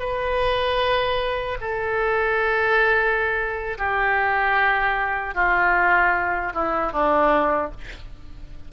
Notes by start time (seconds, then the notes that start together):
0.00 B4
1.61 A4
3.79 G4
5.35 F4
6.55 E4
6.93 D4